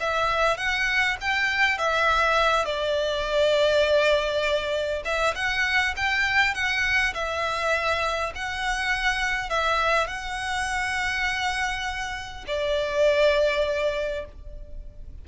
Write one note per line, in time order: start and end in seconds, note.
0.00 0.57 E5
0.57 1.17 F#5
1.21 1.78 G5
1.78 2.65 E5
2.65 5.03 D5
5.04 5.34 E5
5.35 5.94 F#5
5.96 6.54 G5
6.54 7.13 F#5
7.14 8.32 E5
8.35 9.49 F#5
9.49 10.07 E5
10.07 12.45 F#5
12.47 14.25 D5